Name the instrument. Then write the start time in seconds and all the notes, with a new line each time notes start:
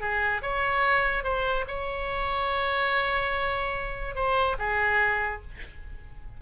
oboe
0.00 G#4
0.42 C#5
1.23 C5
1.67 C#5
4.15 C5
4.59 G#4